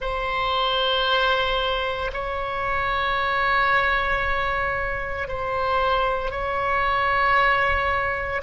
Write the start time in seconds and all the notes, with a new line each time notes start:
0.00 C5
2.13 C#5
5.27 C5
6.31 C#5